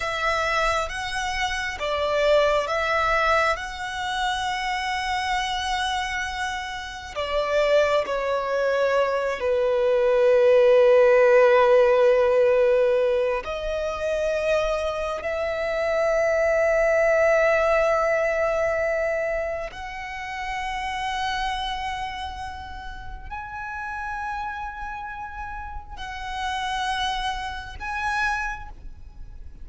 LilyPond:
\new Staff \with { instrumentName = "violin" } { \time 4/4 \tempo 4 = 67 e''4 fis''4 d''4 e''4 | fis''1 | d''4 cis''4. b'4.~ | b'2. dis''4~ |
dis''4 e''2.~ | e''2 fis''2~ | fis''2 gis''2~ | gis''4 fis''2 gis''4 | }